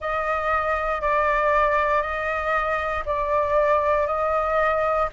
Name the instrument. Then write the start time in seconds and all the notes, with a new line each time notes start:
flute
0.00 D#5
1.01 D5
2.02 D#5
3.05 D5
4.07 D#5